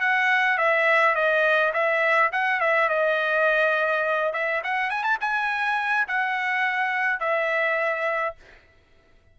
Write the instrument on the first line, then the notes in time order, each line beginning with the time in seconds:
trumpet
0.00 F#5
0.57 E5
1.15 D#5
1.73 E5
2.32 F#5
2.60 E5
2.89 D#5
4.33 E5
4.63 F#5
4.90 G#5
5.03 A5
5.21 G#5
6.08 F#5
7.20 E5